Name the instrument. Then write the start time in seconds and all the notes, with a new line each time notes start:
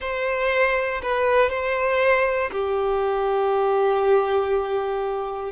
violin
0.00 C5
1.02 B4
1.49 C5
2.51 G4